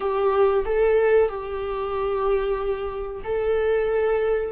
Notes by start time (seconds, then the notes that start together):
0.00 G4
0.65 A4
1.28 G4
3.23 A4